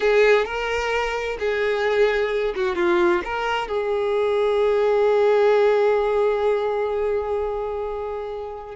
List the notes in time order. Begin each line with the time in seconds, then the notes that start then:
0.00 G#4
0.45 A#4
1.39 G#4
2.55 F#4
2.75 F4
3.24 A#4
3.68 G#4